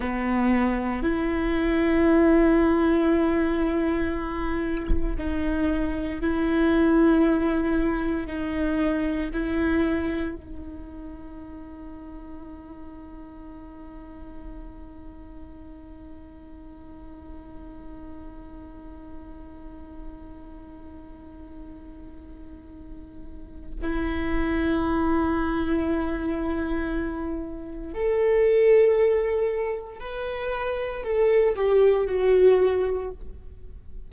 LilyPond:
\new Staff \with { instrumentName = "viola" } { \time 4/4 \tempo 4 = 58 b4 e'2.~ | e'4 dis'4 e'2 | dis'4 e'4 dis'2~ | dis'1~ |
dis'1~ | dis'2. e'4~ | e'2. a'4~ | a'4 b'4 a'8 g'8 fis'4 | }